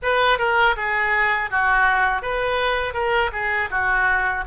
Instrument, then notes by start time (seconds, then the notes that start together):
oboe
0.02 B4
0.38 A#4
0.76 G#4
1.50 F#4
2.22 B4
2.93 A#4
3.32 G#4
3.70 F#4